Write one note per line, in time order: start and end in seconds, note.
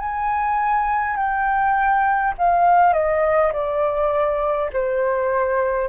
0.00 1.17 G#5
1.17 2.34 G5
2.39 2.94 F5
2.94 3.52 D#5
3.53 4.71 D5
4.73 5.89 C5